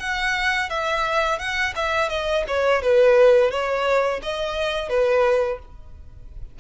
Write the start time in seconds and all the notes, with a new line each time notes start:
0.00 F#5
0.70 E5
1.39 F#5
1.76 E5
2.10 D#5
2.48 C#5
2.83 B4
3.51 C#5
4.23 D#5
4.90 B4